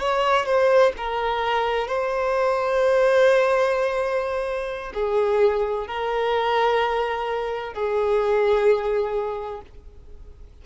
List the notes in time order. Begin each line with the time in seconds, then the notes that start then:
0.00 C#5
0.46 C5
0.98 A#4
1.88 C5
4.94 G#4
5.88 A#4
7.74 G#4